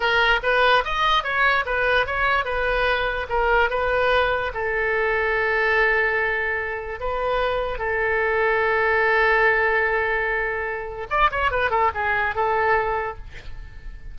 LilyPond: \new Staff \with { instrumentName = "oboe" } { \time 4/4 \tempo 4 = 146 ais'4 b'4 dis''4 cis''4 | b'4 cis''4 b'2 | ais'4 b'2 a'4~ | a'1~ |
a'4 b'2 a'4~ | a'1~ | a'2. d''8 cis''8 | b'8 a'8 gis'4 a'2 | }